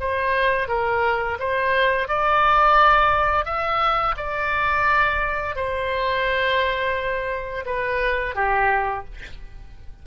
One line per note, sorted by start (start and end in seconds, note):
0.00 0.68 C5
0.68 1.38 A#4
1.39 2.08 C5
2.08 3.45 D5
3.45 4.15 E5
4.17 5.56 D5
5.56 7.65 C5
7.66 8.35 B4
8.35 9.05 G4